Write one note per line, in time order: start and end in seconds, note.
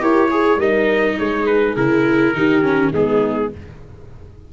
0.00 0.56 E4
0.00 0.29 G4
0.00 0.31 A#4
0.00 0.60 C#5
0.30 0.60 G#4
0.30 0.59 G#4
0.56 1.14 G3
0.56 1.76 D#4
0.56 1.17 A#4
0.56 1.18 D#5
1.19 1.76 G#3
1.19 2.36 G#4
1.19 1.46 C#5
1.46 1.75 B4
1.76 2.33 C#3
1.76 2.35 E4
1.76 2.93 A#4
2.33 2.92 D#3
2.33 2.62 D#4
2.33 2.93 G4
2.62 2.92 C#4
2.92 3.50 G#3
2.92 3.52 B3
2.92 3.51 D#4
2.92 3.53 G#4